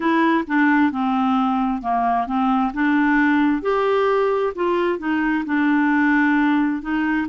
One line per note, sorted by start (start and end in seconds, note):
0.00 0.44 E4
0.47 0.91 D4
0.91 1.82 C4
1.82 2.26 A#3
2.26 2.72 C4
2.73 3.62 D4
3.62 4.52 G4
4.55 4.98 F4
4.98 5.44 D#4
5.45 6.81 D4
6.81 7.27 D#4